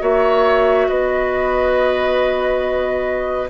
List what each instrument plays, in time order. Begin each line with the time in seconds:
0.00 bassoon A#3, clarinet F#4, oboe C#5, flute E5
0.88 bassoon B3, oboe B4, flute D#5